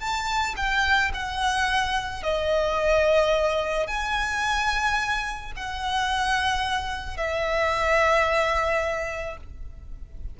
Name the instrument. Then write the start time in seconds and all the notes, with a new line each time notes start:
violin
0.00 A5
0.57 G5
1.14 F#5
2.23 D#5
3.87 G#5
5.56 F#5
7.17 E5